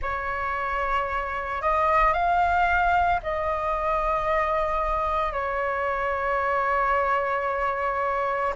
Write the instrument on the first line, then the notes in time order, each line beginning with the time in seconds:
flute
0.02 C#5
1.61 D#5
2.13 F5
3.22 D#5
5.32 C#5